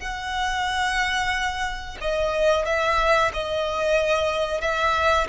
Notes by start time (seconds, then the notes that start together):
0.00 F#5
2.01 D#5
2.66 E5
3.34 D#5
4.61 E5